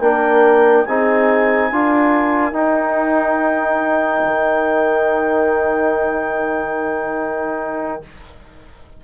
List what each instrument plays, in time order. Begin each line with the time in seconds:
0.00 bassoon A#3, trombone D4, horn A#4, clarinet G5
0.86 bassoon C4, trombone D#4, horn G#4, clarinet G#5
1.69 bassoon D4, trombone F4, horn A#4
2.53 bassoon D#4, trombone D#4, clarinet G5
4.24 bassoon D#3